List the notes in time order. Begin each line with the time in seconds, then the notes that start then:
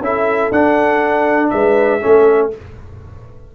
0.00 C#4 E4 A4 E5
0.51 D4 F#5
1.49 G#3 B4 E5
2.01 A3 C#4 A4